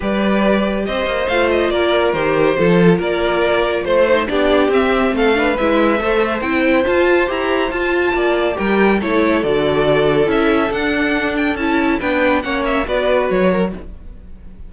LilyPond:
<<
  \new Staff \with { instrumentName = "violin" } { \time 4/4 \tempo 4 = 140 d''2 dis''4 f''8 dis''8 | d''4 c''2 d''4~ | d''4 c''4 d''4 e''4 | f''4 e''2 g''4 |
a''4 ais''4 a''2 | g''4 cis''4 d''2 | e''4 fis''4. g''8 a''4 | g''4 fis''8 e''8 d''4 cis''4 | }
  \new Staff \with { instrumentName = "violin" } { \time 4/4 b'2 c''2 | ais'2 a'4 ais'4~ | ais'4 c''4 g'2 | a'8 b'4. c''2~ |
c''2. d''4 | ais'4 a'2.~ | a'1 | b'4 cis''4 b'4. ais'8 | }
  \new Staff \with { instrumentName = "viola" } { \time 4/4 g'2. f'4~ | f'4 g'4 f'2~ | f'4. dis'8 d'4 c'4~ | c'8 d'8 e'4 a'4 e'4 |
f'4 g'4 f'2 | g'4 e'4 fis'2 | e'4 d'2 e'4 | d'4 cis'4 fis'2 | }
  \new Staff \with { instrumentName = "cello" } { \time 4/4 g2 c'8 ais8 a4 | ais4 dis4 f4 ais4~ | ais4 a4 b4 c'4 | a4 gis4 a4 c'4 |
f'4 e'4 f'4 ais4 | g4 a4 d2 | cis'4 d'2 cis'4 | b4 ais4 b4 fis4 | }
>>